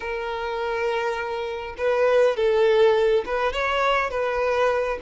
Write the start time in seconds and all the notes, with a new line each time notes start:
0.00 A#4
1.77 B4
2.36 A4
3.25 B4
3.52 C#5
4.10 B4